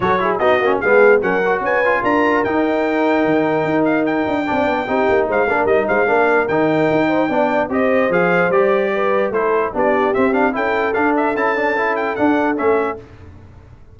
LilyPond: <<
  \new Staff \with { instrumentName = "trumpet" } { \time 4/4 \tempo 4 = 148 cis''4 dis''4 f''4 fis''4 | gis''4 ais''4 g''2~ | g''4. f''8 g''2~ | g''4 f''4 dis''8 f''4. |
g''2. dis''4 | f''4 d''2 c''4 | d''4 e''8 f''8 g''4 f''8 e''8 | a''4. g''8 fis''4 e''4 | }
  \new Staff \with { instrumentName = "horn" } { \time 4/4 a'8 gis'8 fis'4 gis'4 ais'4 | b'4 ais'2.~ | ais'2. d''4 | g'4 c''8 ais'4 c''8 ais'4~ |
ais'4. c''8 d''4 c''4~ | c''2 b'4 a'4 | g'2 a'2~ | a'1 | }
  \new Staff \with { instrumentName = "trombone" } { \time 4/4 fis'8 e'8 dis'8 cis'8 b4 cis'8 fis'8~ | fis'8 f'4. dis'2~ | dis'2. d'4 | dis'4. d'8 dis'4 d'4 |
dis'2 d'4 g'4 | gis'4 g'2 e'4 | d'4 c'8 d'8 e'4 d'4 | e'8 d'8 e'4 d'4 cis'4 | }
  \new Staff \with { instrumentName = "tuba" } { \time 4/4 fis4 b8 ais8 gis4 fis4 | cis'4 d'4 dis'2 | dis4 dis'4. d'8 c'8 b8 | c'8 ais8 gis8 ais8 g8 gis8 ais4 |
dis4 dis'4 b4 c'4 | f4 g2 a4 | b4 c'4 cis'4 d'4 | cis'2 d'4 a4 | }
>>